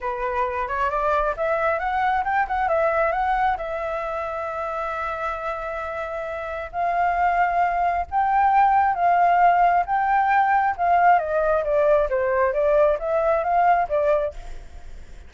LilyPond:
\new Staff \with { instrumentName = "flute" } { \time 4/4 \tempo 4 = 134 b'4. cis''8 d''4 e''4 | fis''4 g''8 fis''8 e''4 fis''4 | e''1~ | e''2. f''4~ |
f''2 g''2 | f''2 g''2 | f''4 dis''4 d''4 c''4 | d''4 e''4 f''4 d''4 | }